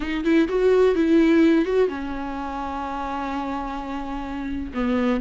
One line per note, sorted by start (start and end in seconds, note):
0.00 0.24 D#4
0.24 0.47 E4
0.48 0.95 F#4
0.95 1.65 E4
1.65 1.88 F#4
1.88 4.72 C#4
4.74 5.21 B3